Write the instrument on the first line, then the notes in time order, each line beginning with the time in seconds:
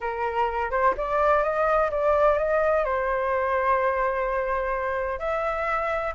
flute
0.00 A#4
0.70 C5
0.97 D5
1.43 D#5
1.90 D5
2.38 D#5
2.84 C5
5.19 E5